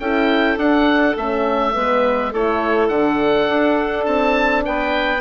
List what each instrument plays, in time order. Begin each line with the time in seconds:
0.00 bassoon C#4, horn E4, clarinet A4, oboe G5
0.57 bassoon D4, horn D4, oboe F#5
1.17 bassoon A3, horn C#4, oboe E5
1.74 bassoon G#3, horn B3, clarinet B4
2.32 bassoon A3, horn E4, clarinet A4, oboe C#5
2.89 bassoon D3, horn D4, oboe F#5
3.49 bassoon D4
4.06 bassoon C4, oboe A5
4.65 bassoon B3, clarinet B4, oboe G5